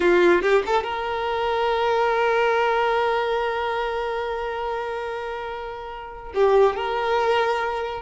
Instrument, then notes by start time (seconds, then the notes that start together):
violin
0.00 F4
0.41 G4
0.65 A4
0.83 A#4
6.34 G4
6.75 A#4